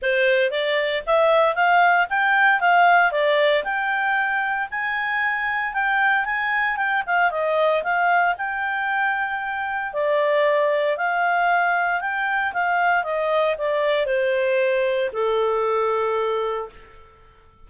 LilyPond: \new Staff \with { instrumentName = "clarinet" } { \time 4/4 \tempo 4 = 115 c''4 d''4 e''4 f''4 | g''4 f''4 d''4 g''4~ | g''4 gis''2 g''4 | gis''4 g''8 f''8 dis''4 f''4 |
g''2. d''4~ | d''4 f''2 g''4 | f''4 dis''4 d''4 c''4~ | c''4 a'2. | }